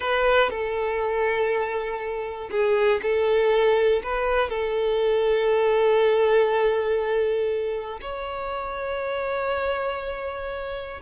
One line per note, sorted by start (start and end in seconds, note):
0.00 0.50 B4
0.50 2.50 A4
2.50 3.00 G#4
3.02 4.02 A4
4.03 4.49 B4
4.49 7.99 A4
8.01 11.01 C#5